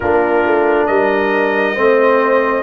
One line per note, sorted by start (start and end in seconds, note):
0.00 0.46 A#3
0.00 1.76 D4
0.00 0.87 F4
0.00 0.86 A#4
0.46 0.88 A3
0.86 1.77 G3
0.86 1.74 A#4
0.86 2.62 D#5
1.74 2.62 A3
1.74 2.62 C4
1.74 2.62 C5